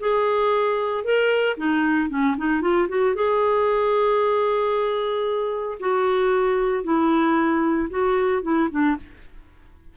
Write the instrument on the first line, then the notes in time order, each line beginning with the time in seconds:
clarinet
0.00 G#4
1.05 A#4
1.57 D#4
2.10 C#4
2.38 D#4
2.62 F4
2.89 F#4
3.15 G#4
5.80 F#4
6.84 E4
7.90 F#4
8.43 E4
8.71 D4